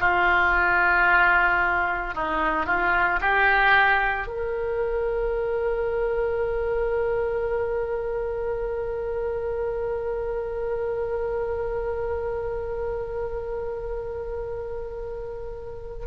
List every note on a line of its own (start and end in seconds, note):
0.00 2.14 F4
2.14 2.66 D#4
2.66 3.20 F4
3.21 4.28 G4
4.28 16.06 A#4